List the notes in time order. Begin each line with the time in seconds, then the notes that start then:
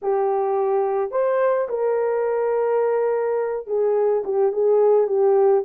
0.02 G4
1.11 C5
1.69 A#4
3.66 G#4
4.24 G4
4.52 G#4
5.07 G4